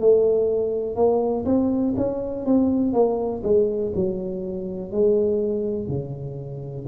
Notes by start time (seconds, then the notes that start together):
0.00 A3
0.96 A#3
1.46 C4
1.97 C#4
2.46 C4
2.94 A#3
3.44 G#3
3.96 F#3
4.92 G#3
5.88 C#3